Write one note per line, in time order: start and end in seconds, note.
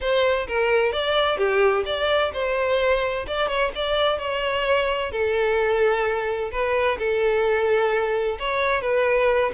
0.00 0.47 C5
0.47 0.92 A#4
0.92 1.37 D5
1.37 1.84 G4
1.85 2.32 D5
2.33 3.26 C5
3.27 3.48 D5
3.48 3.71 C#5
3.75 4.18 D5
4.18 5.11 C#5
5.11 6.51 A4
6.51 6.98 B4
6.98 8.38 A4
8.39 8.81 C#5
8.81 9.51 B4